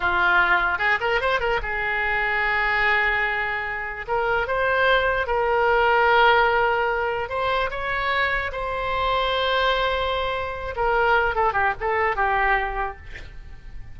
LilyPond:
\new Staff \with { instrumentName = "oboe" } { \time 4/4 \tempo 4 = 148 f'2 gis'8 ais'8 c''8 ais'8 | gis'1~ | gis'2 ais'4 c''4~ | c''4 ais'2.~ |
ais'2 c''4 cis''4~ | cis''4 c''2.~ | c''2~ c''8 ais'4. | a'8 g'8 a'4 g'2 | }